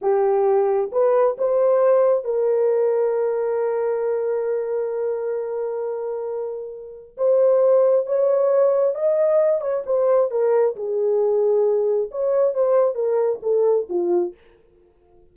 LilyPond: \new Staff \with { instrumentName = "horn" } { \time 4/4 \tempo 4 = 134 g'2 b'4 c''4~ | c''4 ais'2.~ | ais'1~ | ais'1 |
c''2 cis''2 | dis''4. cis''8 c''4 ais'4 | gis'2. cis''4 | c''4 ais'4 a'4 f'4 | }